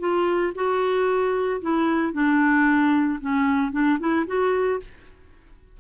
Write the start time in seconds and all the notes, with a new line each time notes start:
0.00 F4
0.55 F#4
1.62 E4
2.13 D4
3.21 C#4
3.72 D4
4.00 E4
4.27 F#4